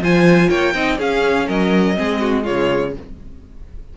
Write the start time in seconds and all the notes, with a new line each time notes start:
0.00 F3 F4 C5 G#5
0.49 A#3 C#5 G5
0.74 C4 D#4 D#5
0.98 C#4 G#4 F5
1.46 F#3 A#4 D#5
1.95 G#3 C4 G#4
2.20 F#4
2.43 C#3 G#3 F4 C#5